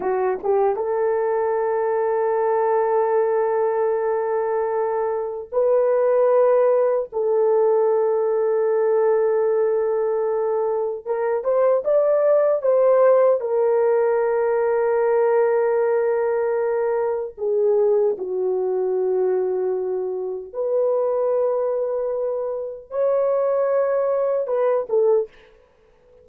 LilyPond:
\new Staff \with { instrumentName = "horn" } { \time 4/4 \tempo 4 = 76 fis'8 g'8 a'2.~ | a'2. b'4~ | b'4 a'2.~ | a'2 ais'8 c''8 d''4 |
c''4 ais'2.~ | ais'2 gis'4 fis'4~ | fis'2 b'2~ | b'4 cis''2 b'8 a'8 | }